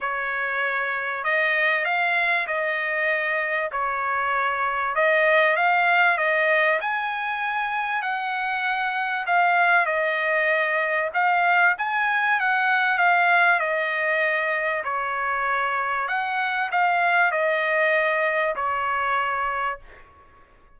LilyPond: \new Staff \with { instrumentName = "trumpet" } { \time 4/4 \tempo 4 = 97 cis''2 dis''4 f''4 | dis''2 cis''2 | dis''4 f''4 dis''4 gis''4~ | gis''4 fis''2 f''4 |
dis''2 f''4 gis''4 | fis''4 f''4 dis''2 | cis''2 fis''4 f''4 | dis''2 cis''2 | }